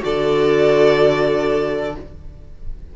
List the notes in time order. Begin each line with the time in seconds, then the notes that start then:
0.00 D3 F#4 A4 D5